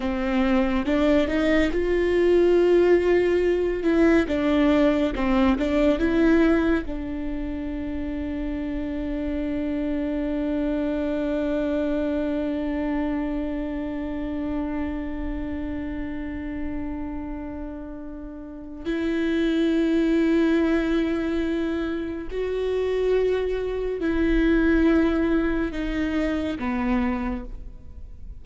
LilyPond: \new Staff \with { instrumentName = "viola" } { \time 4/4 \tempo 4 = 70 c'4 d'8 dis'8 f'2~ | f'8 e'8 d'4 c'8 d'8 e'4 | d'1~ | d'1~ |
d'1~ | d'2 e'2~ | e'2 fis'2 | e'2 dis'4 b4 | }